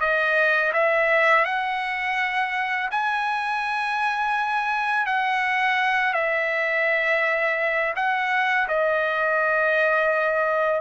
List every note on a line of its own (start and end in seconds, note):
0.00 0.72 D#5
0.73 1.45 E5
1.45 2.89 F#5
2.91 5.06 G#5
5.06 6.13 F#5
6.13 7.94 E5
7.96 8.68 F#5
8.68 10.81 D#5